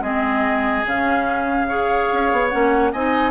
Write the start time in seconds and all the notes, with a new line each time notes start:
0.00 G#3 C4 G#4 D#5
0.85 C#3 C#4 F5
1.68 G#4 C#5
2.12 C#4
2.32 B3
2.49 A#3 C#4 F#5
2.92 C4 D#4 D#5 G#5